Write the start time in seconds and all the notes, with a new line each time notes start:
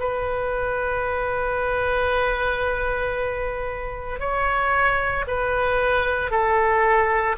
0.00 B4
4.20 C#5
5.28 B4
6.31 A4